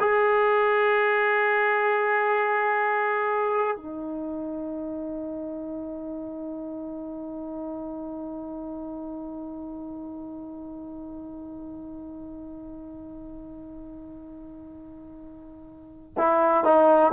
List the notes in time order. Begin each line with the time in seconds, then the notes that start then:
0.00 G#4
3.77 D#4
16.18 E4
16.65 D#4